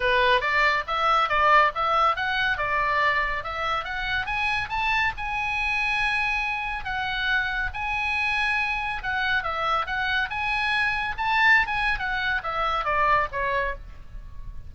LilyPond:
\new Staff \with { instrumentName = "oboe" } { \time 4/4 \tempo 4 = 140 b'4 d''4 e''4 d''4 | e''4 fis''4 d''2 | e''4 fis''4 gis''4 a''4 | gis''1 |
fis''2 gis''2~ | gis''4 fis''4 e''4 fis''4 | gis''2 a''4~ a''16 gis''8. | fis''4 e''4 d''4 cis''4 | }